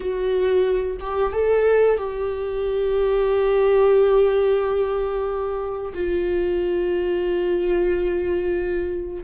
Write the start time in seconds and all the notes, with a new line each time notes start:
0.00 F#4
1.00 G4
1.32 A4
1.98 G4
5.93 F4